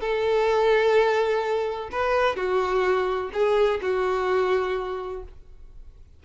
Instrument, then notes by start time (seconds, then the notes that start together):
violin
0.00 A4
1.91 B4
2.36 F#4
3.33 G#4
3.81 F#4